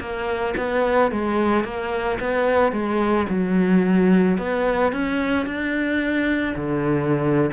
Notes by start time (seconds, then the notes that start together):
0.00 A#3
0.57 B3
1.11 G#3
1.64 A#3
2.19 B3
2.72 G#3
3.29 F#3
4.38 B3
4.92 C#4
5.46 D4
6.55 D3